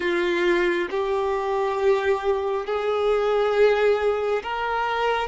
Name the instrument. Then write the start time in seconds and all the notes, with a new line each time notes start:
violin
0.00 F4
0.90 G4
2.66 G#4
4.42 A#4